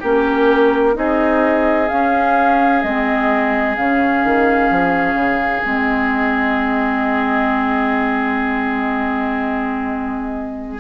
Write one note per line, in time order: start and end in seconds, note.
0.00 0.96 A#3
0.00 0.94 C#4
0.00 0.94 G4
0.00 0.97 A#4
0.94 1.90 C4
0.94 1.87 D#4
0.94 10.81 G#4
0.94 1.89 D#5
1.89 2.84 C#4
1.89 2.82 F5
2.82 3.78 G#3
2.82 3.78 C4
2.82 3.76 D#5
3.77 4.24 C#3
3.77 5.64 C#4
3.77 5.64 F5
4.24 4.71 D#3
4.71 5.14 F3
5.14 5.61 C#3
5.64 10.81 G#3
5.64 10.79 C4
5.64 10.79 D#5